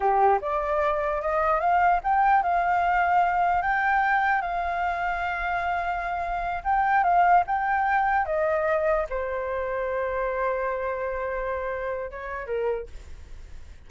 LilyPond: \new Staff \with { instrumentName = "flute" } { \time 4/4 \tempo 4 = 149 g'4 d''2 dis''4 | f''4 g''4 f''2~ | f''4 g''2 f''4~ | f''1~ |
f''8 g''4 f''4 g''4.~ | g''8 dis''2 c''4.~ | c''1~ | c''2 cis''4 ais'4 | }